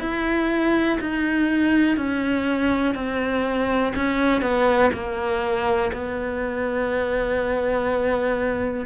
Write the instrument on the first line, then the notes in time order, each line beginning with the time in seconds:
cello
0.00 E4
1.00 D#4
1.97 C#4
2.95 C4
3.96 C#4
4.41 B3
4.93 A#3
5.93 B3